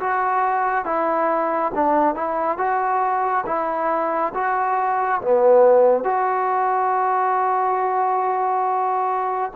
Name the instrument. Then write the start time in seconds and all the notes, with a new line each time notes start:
trombone
0.00 F#4
0.85 E4
1.75 D4
2.15 E4
2.58 F#4
3.46 E4
4.34 F#4
5.22 B3
6.04 F#4